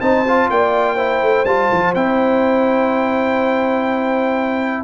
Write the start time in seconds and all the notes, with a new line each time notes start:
0.00 C4 D#4 C5 A5
0.28 F4
0.50 A#3 D5 G5
0.95 E4 C5
1.21 A3
1.45 G3 F4 A5
1.72 F3
1.94 C4 E4 G5